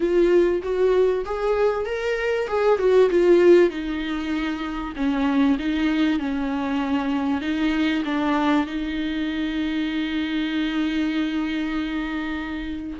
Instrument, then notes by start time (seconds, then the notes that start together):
viola
0.00 F4
0.62 F#4
1.25 G#4
1.85 A#4
2.47 G#4
2.78 F#4
3.10 F4
3.70 D#4
4.95 C#4
5.58 D#4
6.19 C#4
7.41 D#4
8.04 D4
8.66 D#4